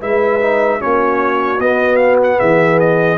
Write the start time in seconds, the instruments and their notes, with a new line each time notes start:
0.00 tuba G#3, trombone E4, horn B4, trumpet E5
0.41 trombone D#4
0.79 tuba A#3, trombone C#4, horn F#4, trumpet C#5
1.59 tuba B3, trombone B3, trumpet D#5
1.96 trumpet F5
2.23 trumpet F#5
2.39 tuba E3, horn G#4, trumpet E5
2.80 trumpet D#5